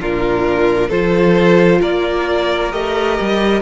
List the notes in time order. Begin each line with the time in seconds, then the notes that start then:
0.00 A#2 D4 F4 A#4
0.89 F3 F4 A4 C5
1.81 A#3 A#4 D5
2.72 A3 G4 D#5
3.21 G3